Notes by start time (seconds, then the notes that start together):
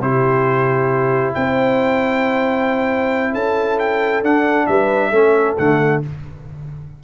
0.00 C3 E4 G4 C5
1.34 C4 C5 G5
3.33 C#4 A4 A5
3.79 G5
4.22 D4 F#5
4.66 G3 B4 E5
5.10 A3 C#4 A4
5.57 D3 A3 F#5